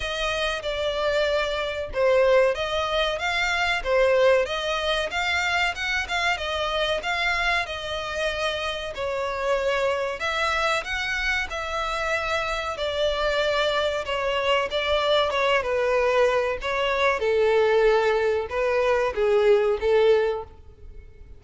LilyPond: \new Staff \with { instrumentName = "violin" } { \time 4/4 \tempo 4 = 94 dis''4 d''2 c''4 | dis''4 f''4 c''4 dis''4 | f''4 fis''8 f''8 dis''4 f''4 | dis''2 cis''2 |
e''4 fis''4 e''2 | d''2 cis''4 d''4 | cis''8 b'4. cis''4 a'4~ | a'4 b'4 gis'4 a'4 | }